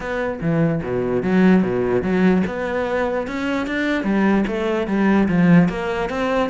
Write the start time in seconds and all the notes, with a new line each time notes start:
0.00 B3
0.41 E3
0.82 B2
1.22 F#3
1.63 B2
2.02 F#3
2.46 B3
3.27 C#4
3.66 D4
4.03 G3
4.47 A3
4.87 G3
5.28 F3
5.69 A#3
6.09 C4